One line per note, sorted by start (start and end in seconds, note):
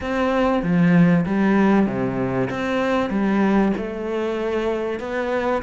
0.01 0.62 C4
0.62 1.25 F3
1.26 1.86 G3
1.86 2.49 C3
2.50 3.10 C4
3.10 3.72 G3
3.77 4.99 A3
4.99 5.62 B3